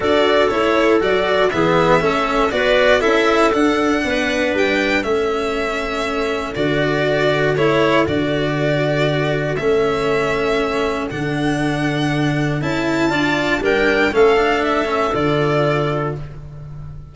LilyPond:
<<
  \new Staff \with { instrumentName = "violin" } { \time 4/4 \tempo 4 = 119 d''4 cis''4 d''4 e''4~ | e''4 d''4 e''4 fis''4~ | fis''4 g''4 e''2~ | e''4 d''2 cis''4 |
d''2. e''4~ | e''2 fis''2~ | fis''4 a''2 g''4 | f''4 e''4 d''2 | }
  \new Staff \with { instrumentName = "clarinet" } { \time 4/4 a'2. gis'4 | a'4 b'4 a'2 | b'2 a'2~ | a'1~ |
a'1~ | a'1~ | a'2 d''4 ais'4 | a'1 | }
  \new Staff \with { instrumentName = "cello" } { \time 4/4 fis'4 e'4 fis'4 b4 | cis'4 fis'4 e'4 d'4~ | d'2 cis'2~ | cis'4 fis'2 e'4 |
fis'2. cis'4~ | cis'2 d'2~ | d'4 e'4 f'4 d'4 | cis'8 d'4 cis'8 f'2 | }
  \new Staff \with { instrumentName = "tuba" } { \time 4/4 d'4 a4 fis4 e4 | a4 b4 cis'4 d'4 | b4 g4 a2~ | a4 d2 a4 |
d2. a4~ | a2 d2~ | d4 cis'4 d'4 g4 | a2 d2 | }
>>